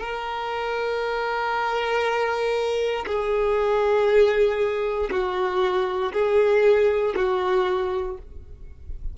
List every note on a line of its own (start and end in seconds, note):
0.00 3.05 A#4
3.06 5.09 G#4
5.10 6.12 F#4
6.12 7.14 G#4
7.16 8.17 F#4